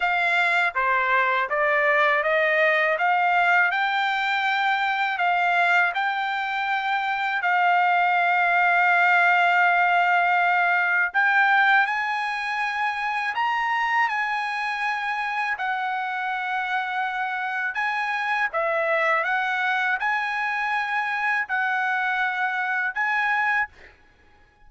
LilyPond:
\new Staff \with { instrumentName = "trumpet" } { \time 4/4 \tempo 4 = 81 f''4 c''4 d''4 dis''4 | f''4 g''2 f''4 | g''2 f''2~ | f''2. g''4 |
gis''2 ais''4 gis''4~ | gis''4 fis''2. | gis''4 e''4 fis''4 gis''4~ | gis''4 fis''2 gis''4 | }